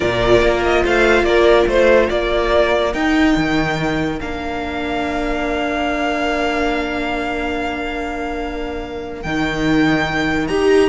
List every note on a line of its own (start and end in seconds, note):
0.00 0.42 A#2
0.00 2.92 F4
0.00 0.82 A#4
0.00 0.62 D5
0.42 0.84 A#3
0.63 0.84 D#5
0.84 1.23 A3
0.84 1.26 C5
0.84 1.24 F5
1.23 1.65 A#3
1.23 1.69 A#4
1.23 1.66 D5
1.67 2.09 A3
1.67 2.10 C5
1.67 2.11 C5
2.10 2.94 A#3
2.10 10.89 A#4
2.10 2.93 D5
2.93 3.36 D#4
2.93 4.18 D#4
2.93 4.19 G5
3.36 4.20 D#3
4.18 9.24 A#3
4.18 9.22 D4
4.18 9.22 F5
9.22 10.49 D#3
9.22 10.49 D#4
9.22 10.47 G5
10.47 10.89 D#4
10.47 10.89 G4
10.47 10.89 A#5